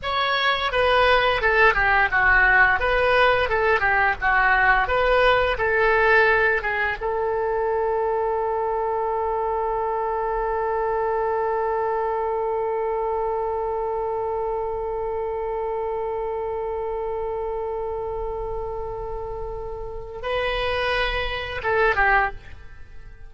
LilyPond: \new Staff \with { instrumentName = "oboe" } { \time 4/4 \tempo 4 = 86 cis''4 b'4 a'8 g'8 fis'4 | b'4 a'8 g'8 fis'4 b'4 | a'4. gis'8 a'2~ | a'1~ |
a'1~ | a'1~ | a'1~ | a'4 b'2 a'8 g'8 | }